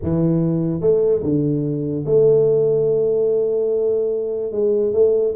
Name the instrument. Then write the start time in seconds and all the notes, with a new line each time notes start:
tuba
0.02 E3
0.81 A3
1.22 D3
2.05 A3
4.51 G#3
4.92 A3